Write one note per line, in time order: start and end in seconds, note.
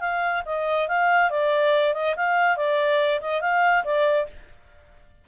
0.00 0.43 F5
0.45 0.88 D#5
0.88 1.30 F5
1.30 1.94 D5
1.94 2.15 D#5
2.16 2.56 F5
2.56 3.20 D5
3.21 3.41 D#5
3.41 3.84 F5
3.84 4.26 D5